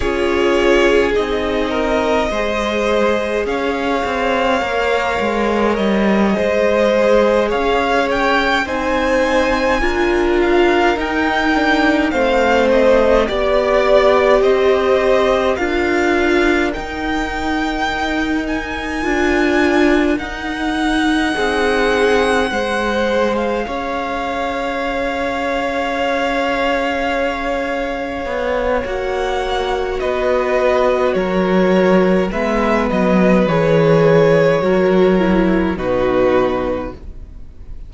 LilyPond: <<
  \new Staff \with { instrumentName = "violin" } { \time 4/4 \tempo 4 = 52 cis''4 dis''2 f''4~ | f''4 dis''4. f''8 g''8 gis''8~ | gis''4 f''8 g''4 f''8 dis''8 d''8~ | d''8 dis''4 f''4 g''4. |
gis''4. fis''2~ fis''8~ | fis''16 f''2.~ f''8.~ | f''4 fis''4 dis''4 cis''4 | e''8 dis''8 cis''2 b'4 | }
  \new Staff \with { instrumentName = "violin" } { \time 4/4 gis'4. ais'8 c''4 cis''4~ | cis''4. c''4 cis''4 c''8~ | c''8 ais'2 c''4 d''8~ | d''8 c''4 ais'2~ ais'8~ |
ais'2~ ais'8 gis'4 c''8~ | c''8 cis''2.~ cis''8~ | cis''2 b'4 ais'4 | b'2 ais'4 fis'4 | }
  \new Staff \with { instrumentName = "viola" } { \time 4/4 f'4 dis'4 gis'2 | ais'4. gis'2 dis'8~ | dis'8 f'4 dis'8 d'8 c'4 g'8~ | g'4. f'4 dis'4.~ |
dis'8 f'4 dis'2 gis'8~ | gis'1~ | gis'4 fis'2. | b4 gis'4 fis'8 e'8 dis'4 | }
  \new Staff \with { instrumentName = "cello" } { \time 4/4 cis'4 c'4 gis4 cis'8 c'8 | ais8 gis8 g8 gis4 cis'4 c'8~ | c'8 d'4 dis'4 a4 b8~ | b8 c'4 d'4 dis'4.~ |
dis'8 d'4 dis'4 c'4 gis8~ | gis8 cis'2.~ cis'8~ | cis'8 b8 ais4 b4 fis4 | gis8 fis8 e4 fis4 b,4 | }
>>